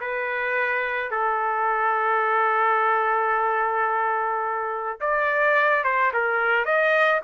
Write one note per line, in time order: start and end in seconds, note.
0.00 1.11 B4
1.11 4.99 A4
5.00 5.83 D5
5.84 6.11 C5
6.13 6.65 A#4
6.65 7.20 D#5